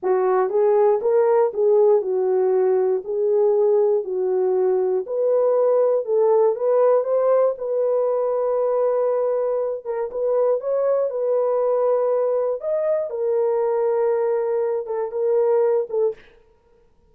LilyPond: \new Staff \with { instrumentName = "horn" } { \time 4/4 \tempo 4 = 119 fis'4 gis'4 ais'4 gis'4 | fis'2 gis'2 | fis'2 b'2 | a'4 b'4 c''4 b'4~ |
b'2.~ b'8 ais'8 | b'4 cis''4 b'2~ | b'4 dis''4 ais'2~ | ais'4. a'8 ais'4. a'8 | }